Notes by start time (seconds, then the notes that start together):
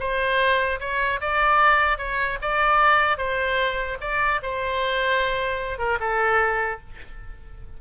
0.00 C5
0.80 C#5
1.21 D5
1.99 C#5
2.42 D5
3.18 C5
4.01 D5
4.43 C5
5.79 A#4
6.00 A4